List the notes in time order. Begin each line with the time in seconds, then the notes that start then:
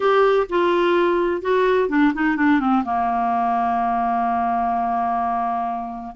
0.00 G4
0.49 F4
1.41 F#4
1.89 D4
2.13 D#4
2.36 D4
2.60 C4
2.84 A#3